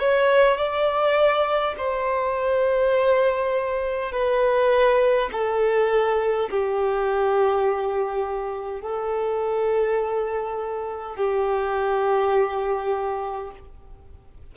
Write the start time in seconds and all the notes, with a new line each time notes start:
0.00 C#5
0.58 D5
1.78 C5
4.12 B4
5.33 A4
6.51 G4
8.81 A4
11.17 G4